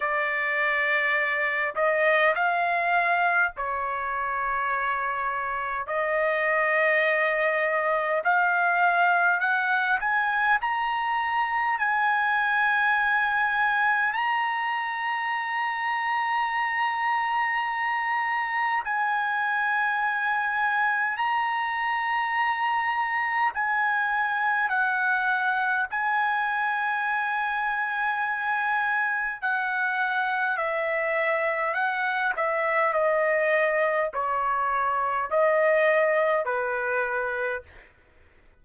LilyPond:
\new Staff \with { instrumentName = "trumpet" } { \time 4/4 \tempo 4 = 51 d''4. dis''8 f''4 cis''4~ | cis''4 dis''2 f''4 | fis''8 gis''8 ais''4 gis''2 | ais''1 |
gis''2 ais''2 | gis''4 fis''4 gis''2~ | gis''4 fis''4 e''4 fis''8 e''8 | dis''4 cis''4 dis''4 b'4 | }